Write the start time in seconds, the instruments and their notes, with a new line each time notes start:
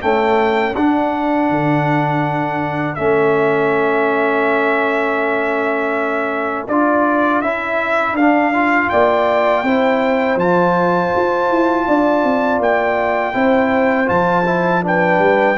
0.00 trombone A3, tuba C#4, horn A4, trumpet G5
0.76 tuba D4, trombone D4, trumpet F#5
1.50 tuba D3
2.95 tuba A3, trombone C#4, trumpet E5
6.68 tuba D4, trombone F4, trumpet D5
7.42 tuba C#4, trombone E4, trumpet E5
8.13 tuba D4, trombone D4, trumpet F5
8.54 trombone F4
8.90 tuba A#3, horn D5, trumpet G5
9.63 tuba C4, trombone E4, horn C5
10.36 tuba F3, trombone F4, trumpet A5
11.16 tuba F4
11.50 tuba E4
11.88 tuba D4, horn D5
12.24 tuba C4
12.60 tuba A#3, trumpet G5
13.34 tuba C4, trombone E4, horn C5
14.06 tuba F3, trombone F4, trumpet A5
14.46 trombone E4
14.83 trombone D4, horn B4, trumpet G5
15.19 tuba G3